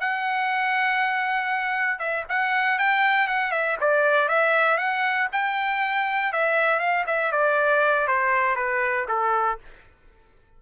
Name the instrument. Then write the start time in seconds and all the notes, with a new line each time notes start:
trumpet
0.00 F#5
1.99 E5
2.29 F#5
2.78 G5
3.27 F#5
3.51 E5
3.80 D5
4.28 E5
4.77 F#5
5.32 G5
6.32 E5
6.79 F5
7.06 E5
7.31 D5
8.07 C5
8.55 B4
9.08 A4